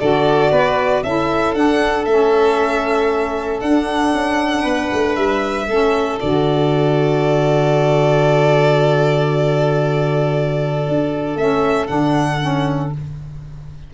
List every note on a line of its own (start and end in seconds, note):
0.00 0.51 D3
0.00 1.05 F#4
0.00 0.52 A4
0.00 1.03 D5
0.51 1.03 B3
0.51 1.04 B4
1.03 1.55 C#4
1.03 1.55 E4
1.03 4.62 A4
1.03 1.55 E5
1.55 2.06 D4
1.55 2.07 D4
1.55 2.05 F#5
2.05 3.62 A3
2.05 3.63 C#4
2.05 3.61 E5
3.61 4.13 D4
3.61 5.70 D4
3.61 5.16 F#5
4.13 4.65 C#4
4.62 4.91 B3
4.62 5.65 B4
4.93 5.17 A3
5.16 5.68 G3
5.16 6.19 E5
5.68 6.20 A3
5.68 6.19 C#4
5.68 12.94 A4
6.19 10.88 D3
6.19 11.37 F#4
6.19 11.37 D5
10.88 11.36 D4
11.36 11.88 A3
11.36 11.88 C#4
11.36 11.88 E5
11.88 12.93 D3
11.88 12.40 D4
11.88 12.91 F#5
12.41 12.93 C#4